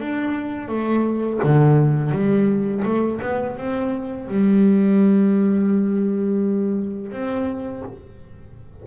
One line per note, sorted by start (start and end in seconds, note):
0.00 0.69 D4
0.69 1.40 A3
1.44 2.12 D3
2.12 2.83 G3
2.85 3.21 A3
3.21 3.57 B3
3.57 4.28 C4
4.28 7.12 G3
7.12 7.83 C4